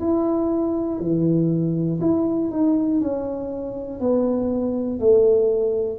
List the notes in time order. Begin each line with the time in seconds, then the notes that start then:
0.00 E4
1.00 E3
2.01 E4
2.51 D#4
3.01 C#4
4.00 B3
5.00 A3